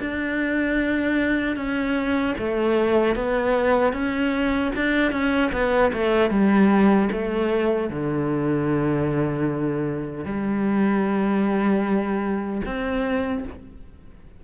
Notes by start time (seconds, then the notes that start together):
0.00 D4
1.56 C#4
2.39 A3
3.16 B3
3.93 C#4
4.76 D4
5.12 C#4
5.53 B3
5.93 A3
6.31 G3
7.12 A3
7.90 D3
10.25 G3
12.66 C4